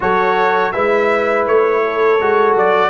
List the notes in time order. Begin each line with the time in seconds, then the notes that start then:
0.00 F#3 F#4 A4 C#5
0.72 G#3 E4 B4 E5
1.46 A3 C#5
1.83 A4
2.20 G#3 F#4
2.55 F#3 D5